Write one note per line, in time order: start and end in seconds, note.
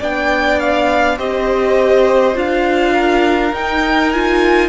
0.00 1.19 B3
0.00 1.18 D4
0.00 1.18 D5
0.00 0.60 G5
0.60 1.19 F5
1.18 2.36 C4
1.18 2.34 G4
1.18 2.94 C5
1.18 2.37 D#5
2.34 3.53 D4
2.34 3.52 F4
2.34 3.55 F5
2.94 4.69 A#4
3.53 4.69 D#4
3.53 4.14 D#4
3.53 4.13 G5
4.13 4.69 F4
4.13 4.69 G#5